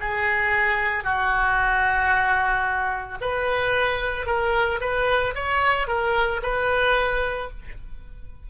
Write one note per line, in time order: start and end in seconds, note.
0.00 1.03 G#4
1.03 3.18 F#4
3.20 4.26 B4
4.26 4.80 A#4
4.80 5.34 B4
5.35 5.87 C#5
5.87 6.40 A#4
6.42 7.50 B4